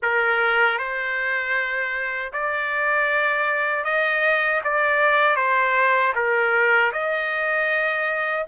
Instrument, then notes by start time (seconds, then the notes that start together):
trumpet
0.02 A#4
0.78 C5
2.33 D5
3.84 D#5
4.64 D5
5.36 C5
6.15 A#4
6.92 D#5